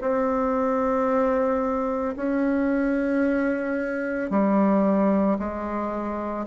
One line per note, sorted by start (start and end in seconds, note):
0.00 2.14 C4
2.16 4.30 C#4
4.30 5.37 G3
5.38 6.45 G#3